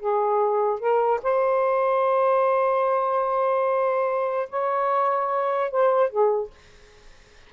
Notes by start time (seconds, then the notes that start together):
0.00 G#4
0.80 A#4
1.23 C5
4.50 C#5
5.71 C5
6.10 G#4